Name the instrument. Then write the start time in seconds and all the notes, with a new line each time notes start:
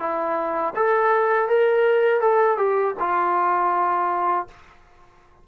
trombone
0.00 E4
0.76 A4
1.49 A#4
2.21 A4
2.58 G4
3.00 F4